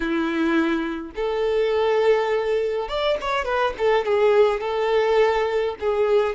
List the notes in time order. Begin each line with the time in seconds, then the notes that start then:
0.00 E4
1.15 A4
2.88 D5
3.20 C#5
3.44 B4
3.77 A4
4.05 G#4
4.60 A4
5.80 G#4